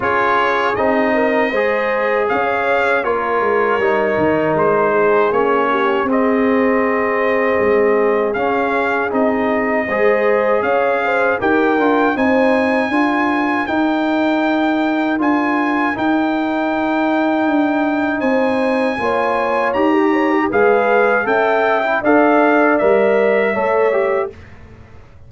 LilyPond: <<
  \new Staff \with { instrumentName = "trumpet" } { \time 4/4 \tempo 4 = 79 cis''4 dis''2 f''4 | cis''2 c''4 cis''4 | dis''2. f''4 | dis''2 f''4 g''4 |
gis''2 g''2 | gis''4 g''2. | gis''2 ais''4 f''4 | g''4 f''4 e''2 | }
  \new Staff \with { instrumentName = "horn" } { \time 4/4 gis'4. ais'8 c''4 cis''4 | ais'2~ ais'8 gis'4 g'8 | gis'1~ | gis'4 c''4 cis''8 c''8 ais'4 |
c''4 ais'2.~ | ais'1 | c''4 cis''4~ cis''16 g'16 cis''16 g'16 b'4 | e''4 d''2 cis''4 | }
  \new Staff \with { instrumentName = "trombone" } { \time 4/4 f'4 dis'4 gis'2 | f'4 dis'2 cis'4 | c'2. cis'4 | dis'4 gis'2 g'8 f'8 |
dis'4 f'4 dis'2 | f'4 dis'2.~ | dis'4 f'4 g'4 gis'4 | a'8. e'16 a'4 ais'4 a'8 g'8 | }
  \new Staff \with { instrumentName = "tuba" } { \time 4/4 cis'4 c'4 gis4 cis'4 | ais8 gis8 g8 dis8 gis4 ais4 | c'2 gis4 cis'4 | c'4 gis4 cis'4 dis'8 d'8 |
c'4 d'4 dis'2 | d'4 dis'2 d'4 | c'4 ais4 dis'4 gis4 | cis'4 d'4 g4 a4 | }
>>